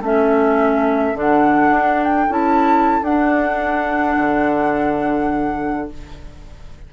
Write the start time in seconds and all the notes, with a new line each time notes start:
0.00 A3 C#4 A4 E5
1.14 D3 D4 F#5
1.70 D4
2.04 G5
2.30 C#4 E4 A5
3.03 D4 F#5
4.17 D3